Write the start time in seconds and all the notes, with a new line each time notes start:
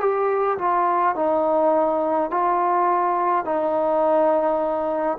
0.00 G4
0.58 F4
1.15 D#4
2.30 F4
3.45 D#4